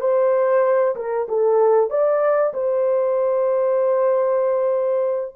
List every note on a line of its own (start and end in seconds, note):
0.00 0.95 C5
0.95 1.27 A#4
1.28 1.89 A4
1.89 2.53 D5
2.53 5.35 C5